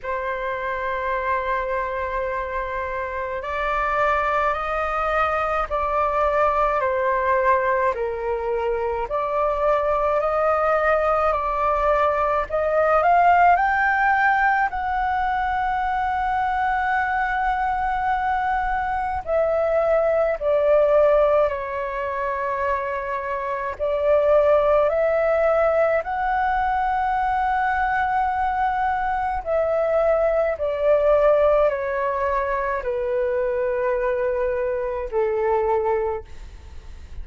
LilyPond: \new Staff \with { instrumentName = "flute" } { \time 4/4 \tempo 4 = 53 c''2. d''4 | dis''4 d''4 c''4 ais'4 | d''4 dis''4 d''4 dis''8 f''8 | g''4 fis''2.~ |
fis''4 e''4 d''4 cis''4~ | cis''4 d''4 e''4 fis''4~ | fis''2 e''4 d''4 | cis''4 b'2 a'4 | }